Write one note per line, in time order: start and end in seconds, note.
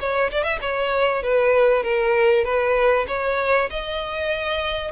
0.00 0.31 C#5
0.31 0.44 D5
0.44 0.59 E5
0.61 1.23 C#5
1.23 1.83 B4
1.83 2.44 A#4
2.44 3.06 B4
3.08 3.69 C#5
3.70 4.91 D#5